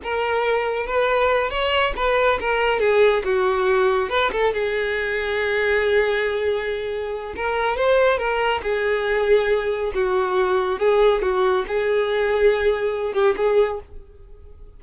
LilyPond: \new Staff \with { instrumentName = "violin" } { \time 4/4 \tempo 4 = 139 ais'2 b'4. cis''8~ | cis''8 b'4 ais'4 gis'4 fis'8~ | fis'4. b'8 a'8 gis'4.~ | gis'1~ |
gis'4 ais'4 c''4 ais'4 | gis'2. fis'4~ | fis'4 gis'4 fis'4 gis'4~ | gis'2~ gis'8 g'8 gis'4 | }